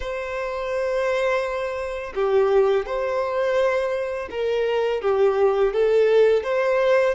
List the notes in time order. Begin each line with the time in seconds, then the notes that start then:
0.00 C5
2.14 G4
2.85 C5
4.30 A#4
5.01 G4
5.73 A4
6.43 C5